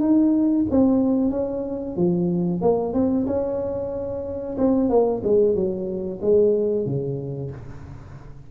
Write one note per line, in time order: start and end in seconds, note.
0.00 0.65 D#4
0.70 1.31 C4
1.31 1.96 C#4
1.96 2.61 F3
2.61 2.93 A#3
2.93 3.26 C4
3.27 4.57 C#4
4.58 4.89 C4
4.89 5.22 A#3
5.24 5.55 G#3
5.55 6.20 F#3
6.21 6.86 G#3
6.86 7.51 C#3